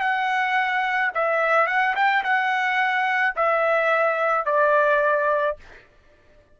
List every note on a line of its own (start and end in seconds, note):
0.00 1.11 F#5
1.14 1.67 E5
1.67 1.94 F#5
1.95 2.23 G5
2.23 3.34 F#5
3.35 4.45 E5
4.45 5.56 D5